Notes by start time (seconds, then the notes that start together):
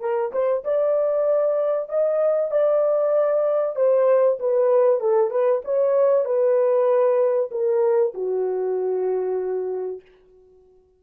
0.00 A#4
0.32 C5
0.64 D5
1.89 D#5
2.51 D5
3.76 C5
4.39 B4
5.00 A4
5.30 B4
5.64 C#5
6.24 B4
7.51 A#4
8.14 F#4